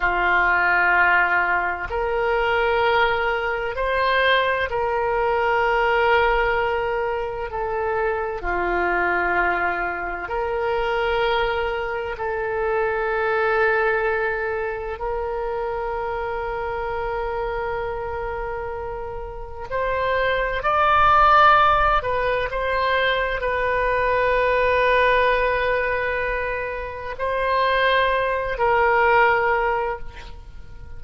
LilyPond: \new Staff \with { instrumentName = "oboe" } { \time 4/4 \tempo 4 = 64 f'2 ais'2 | c''4 ais'2. | a'4 f'2 ais'4~ | ais'4 a'2. |
ais'1~ | ais'4 c''4 d''4. b'8 | c''4 b'2.~ | b'4 c''4. ais'4. | }